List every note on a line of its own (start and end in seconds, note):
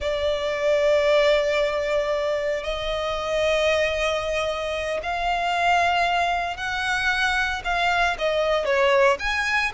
0.00 2.63 D5
2.63 5.00 D#5
5.03 6.56 F5
6.56 7.61 F#5
7.64 8.17 F5
8.18 8.65 D#5
8.65 9.17 C#5
9.19 9.72 G#5